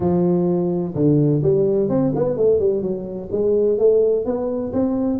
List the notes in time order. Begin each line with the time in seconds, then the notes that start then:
0.00 F3
0.94 D3
1.42 G3
1.89 C4
2.15 B3
2.36 A3
2.59 G3
2.82 F#3
3.31 G#3
3.78 A3
4.25 B3
4.72 C4